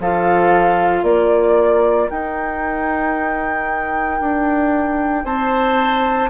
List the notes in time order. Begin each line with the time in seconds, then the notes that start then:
0.00 F3 F4 A4 F5
1.03 A#3 A#4 D5
2.09 D#4 G5
4.21 D4
5.25 C4 C5 A5